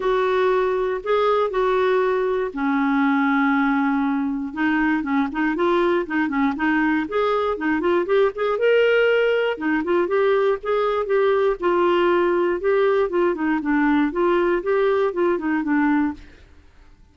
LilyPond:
\new Staff \with { instrumentName = "clarinet" } { \time 4/4 \tempo 4 = 119 fis'2 gis'4 fis'4~ | fis'4 cis'2.~ | cis'4 dis'4 cis'8 dis'8 f'4 | dis'8 cis'8 dis'4 gis'4 dis'8 f'8 |
g'8 gis'8 ais'2 dis'8 f'8 | g'4 gis'4 g'4 f'4~ | f'4 g'4 f'8 dis'8 d'4 | f'4 g'4 f'8 dis'8 d'4 | }